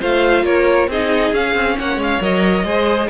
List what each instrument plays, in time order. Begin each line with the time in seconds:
0.00 cello A3, viola F4, violin C5 F5
0.44 cello A#3, violin A#4 C#5
0.88 cello C4, viola D#4, violin G#4 D#5
1.33 cello C#4, viola C#4, violin F5
1.55 cello C4
1.78 cello A#3, violin C#5 F#5
1.97 cello G#3, violin F5
2.21 cello F#3, viola A#4, violin D#5
2.64 cello G#3, viola G#4, violin C5